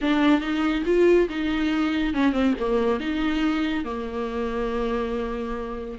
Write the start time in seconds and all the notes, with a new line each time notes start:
0.01 D4
0.41 D#4
0.85 F4
1.29 D#4
2.14 C#4
2.32 C4
2.59 A#3
3.00 D#4
3.84 A#3